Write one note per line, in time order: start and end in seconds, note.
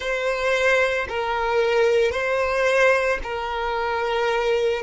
0.00 1.07 C5
1.08 2.11 A#4
2.11 3.19 C5
3.23 4.82 A#4